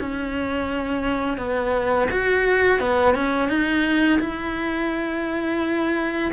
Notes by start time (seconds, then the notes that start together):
0.00 C#4
1.38 B3
2.11 F#4
2.80 B3
3.15 C#4
3.49 D#4
4.20 E4